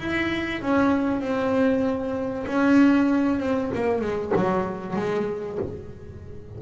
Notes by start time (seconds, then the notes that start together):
0.00 E4
0.62 C#4
1.21 C4
2.47 C#4
3.40 C4
3.75 A#3
4.02 G#3
4.36 F#3
4.96 G#3